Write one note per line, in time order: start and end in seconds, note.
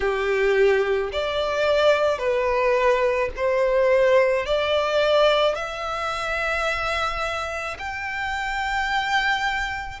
0.00 1.10 G4
1.12 2.18 D5
2.18 3.29 B4
3.36 4.45 C5
4.45 5.55 D5
5.55 7.77 E5
7.78 10.00 G5